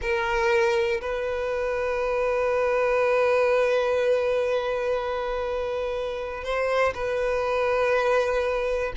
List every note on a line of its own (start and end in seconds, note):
0.01 1.00 A#4
1.01 6.43 B4
6.43 6.93 C5
6.94 8.92 B4